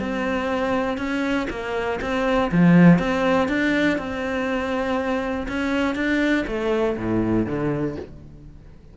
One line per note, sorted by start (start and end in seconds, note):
0.00 0.97 C4
0.97 1.47 C#4
1.50 1.99 A#3
2.01 2.51 C4
2.52 2.99 F3
2.99 3.48 C4
3.48 3.98 D4
3.98 5.46 C4
5.48 5.95 C#4
5.95 6.44 D4
6.47 6.97 A3
6.97 7.46 A2
7.46 7.96 D3